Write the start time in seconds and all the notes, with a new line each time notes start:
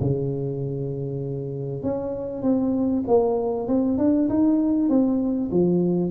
0.00 C#3
1.83 C#4
2.42 C4
3.07 A#3
3.67 C4
3.98 D4
4.29 D#4
4.89 C4
5.51 F3